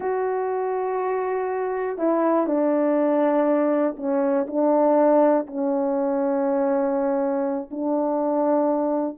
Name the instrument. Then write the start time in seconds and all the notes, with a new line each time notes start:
horn
0.00 F#4
1.97 E4
2.46 D4
3.97 C#4
4.47 D4
5.46 C#4
7.70 D4